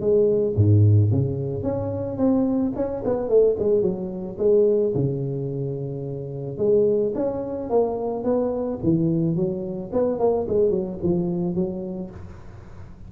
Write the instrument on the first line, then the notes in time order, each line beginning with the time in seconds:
tuba
0.00 G#3
0.56 G#2
1.11 C#3
1.63 C#4
2.17 C4
2.75 C#4
3.05 B3
3.29 A3
3.59 G#3
3.82 F#3
4.38 G#3
4.94 C#3
6.58 G#3
7.15 C#4
7.70 A#3
8.24 B3
8.83 E3
9.36 F#3
9.93 B3
10.19 A#3
10.48 G#3
10.70 F#3
11.03 F3
11.55 F#3